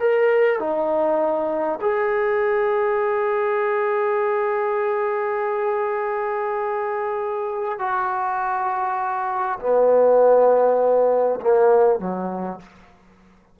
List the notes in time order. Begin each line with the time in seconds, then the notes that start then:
0.00 A#4
0.60 D#4
1.81 G#4
7.79 F#4
9.60 B3
11.41 A#3
12.00 F#3